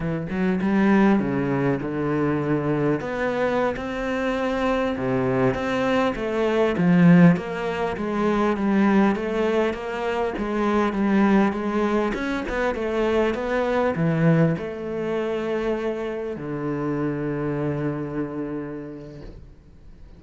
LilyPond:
\new Staff \with { instrumentName = "cello" } { \time 4/4 \tempo 4 = 100 e8 fis8 g4 cis4 d4~ | d4 b4~ b16 c'4.~ c'16~ | c'16 c4 c'4 a4 f8.~ | f16 ais4 gis4 g4 a8.~ |
a16 ais4 gis4 g4 gis8.~ | gis16 cis'8 b8 a4 b4 e8.~ | e16 a2. d8.~ | d1 | }